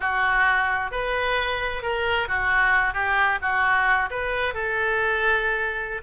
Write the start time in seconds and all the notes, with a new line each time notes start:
0.00 F#4
0.91 B4
1.82 A#4
2.27 F#4
2.93 G4
3.41 F#4
4.10 B4
4.54 A4